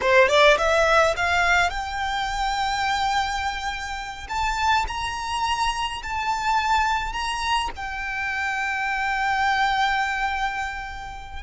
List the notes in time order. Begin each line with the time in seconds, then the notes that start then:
0.01 C5
0.28 D5
0.57 E5
1.16 F5
1.70 G5
4.28 A5
4.87 A#5
6.02 A5
7.12 A#5
7.76 G5